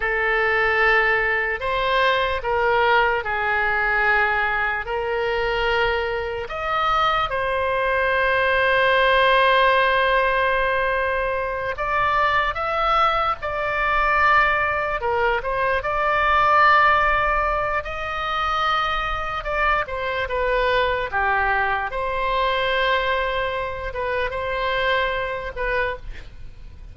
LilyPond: \new Staff \with { instrumentName = "oboe" } { \time 4/4 \tempo 4 = 74 a'2 c''4 ais'4 | gis'2 ais'2 | dis''4 c''2.~ | c''2~ c''8 d''4 e''8~ |
e''8 d''2 ais'8 c''8 d''8~ | d''2 dis''2 | d''8 c''8 b'4 g'4 c''4~ | c''4. b'8 c''4. b'8 | }